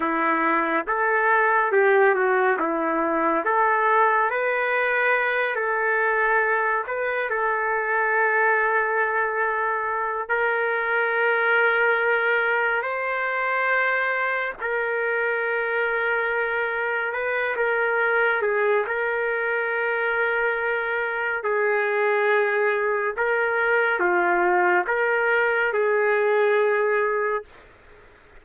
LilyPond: \new Staff \with { instrumentName = "trumpet" } { \time 4/4 \tempo 4 = 70 e'4 a'4 g'8 fis'8 e'4 | a'4 b'4. a'4. | b'8 a'2.~ a'8 | ais'2. c''4~ |
c''4 ais'2. | b'8 ais'4 gis'8 ais'2~ | ais'4 gis'2 ais'4 | f'4 ais'4 gis'2 | }